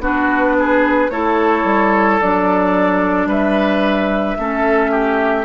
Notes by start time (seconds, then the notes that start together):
0.00 B3 D4 F#4
0.07 B4
0.59 G#4
1.10 A3 E4 A4 C#5
1.65 G3
2.20 F#3 D4 D5
3.26 G3 B4 E5
4.39 A3 C#4 A4
4.91 G4